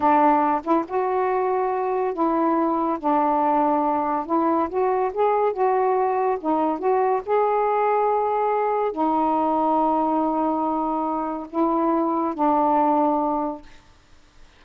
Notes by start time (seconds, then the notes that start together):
0.00 D4
0.64 E4
0.88 F#4
2.13 E4
2.99 D4
4.26 E4
4.69 F#4
5.13 G#4
5.52 F#4
6.40 D#4
6.79 F#4
7.26 G#4
8.92 D#4
11.49 E4
12.34 D4